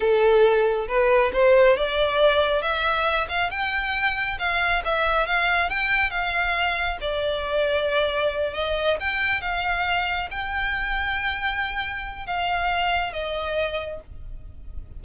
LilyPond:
\new Staff \with { instrumentName = "violin" } { \time 4/4 \tempo 4 = 137 a'2 b'4 c''4 | d''2 e''4. f''8 | g''2 f''4 e''4 | f''4 g''4 f''2 |
d''2.~ d''8 dis''8~ | dis''8 g''4 f''2 g''8~ | g''1 | f''2 dis''2 | }